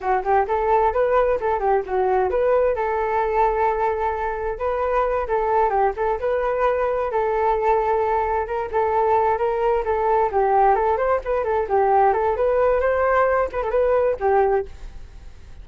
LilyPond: \new Staff \with { instrumentName = "flute" } { \time 4/4 \tempo 4 = 131 fis'8 g'8 a'4 b'4 a'8 g'8 | fis'4 b'4 a'2~ | a'2 b'4. a'8~ | a'8 g'8 a'8 b'2 a'8~ |
a'2~ a'8 ais'8 a'4~ | a'8 ais'4 a'4 g'4 a'8 | c''8 b'8 a'8 g'4 a'8 b'4 | c''4. b'16 a'16 b'4 g'4 | }